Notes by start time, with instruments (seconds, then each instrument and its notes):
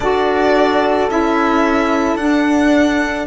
0.00 cello D4, saxophone F#4, horn A4, violin D5
1.09 cello C#4, saxophone E4, violin E5
2.15 cello D4, saxophone D4, violin F#5